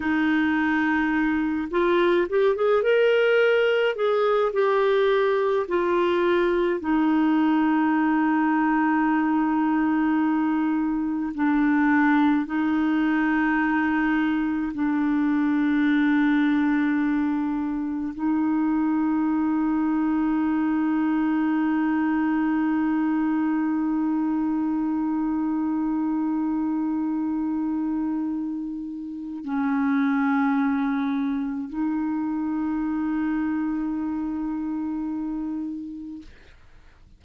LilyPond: \new Staff \with { instrumentName = "clarinet" } { \time 4/4 \tempo 4 = 53 dis'4. f'8 g'16 gis'16 ais'4 gis'8 | g'4 f'4 dis'2~ | dis'2 d'4 dis'4~ | dis'4 d'2. |
dis'1~ | dis'1~ | dis'2 cis'2 | dis'1 | }